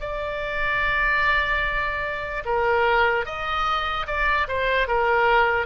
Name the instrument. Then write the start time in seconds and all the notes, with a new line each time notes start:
oboe
0.00 D5
2.45 A#4
3.25 D#5
4.06 D5
4.47 C5
4.87 A#4